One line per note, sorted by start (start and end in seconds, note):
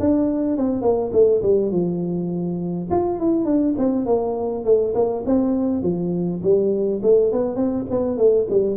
0.00 0.57 D4
0.57 0.82 C4
0.82 1.11 A#3
1.13 1.42 A3
1.42 1.71 G3
1.71 2.89 F3
2.91 3.20 F4
3.20 3.45 E4
3.45 3.75 D4
3.78 4.06 C4
4.06 4.65 A#3
4.65 4.94 A3
4.94 5.24 A#3
5.26 5.83 C4
5.83 6.41 F3
6.43 7.02 G3
7.03 7.32 A3
7.32 7.56 B3
7.56 7.85 C4
7.90 8.18 B3
8.18 8.47 A3
8.50 8.76 G3